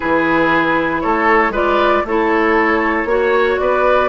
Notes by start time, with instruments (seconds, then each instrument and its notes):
0.00 bassoon E3, clarinet E4, oboe G#4, flute B4
1.00 bassoon A3, oboe A4, flute C#5
1.50 bassoon G#3, clarinet F4, oboe B4, flute D5
2.04 bassoon A3, clarinet E4, oboe A4, flute C#5
3.04 bassoon A#3, clarinet F#4, oboe C#5
3.58 bassoon B3, oboe B4, flute D5